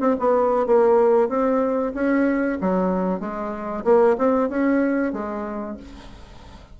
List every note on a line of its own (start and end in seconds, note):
0.00 0.16 C4
0.19 0.66 B3
0.66 1.29 A#3
1.29 1.92 C4
1.94 2.58 C#4
2.61 3.20 F#3
3.20 3.84 G#3
3.84 4.16 A#3
4.18 4.49 C4
4.49 5.13 C#4
5.13 5.77 G#3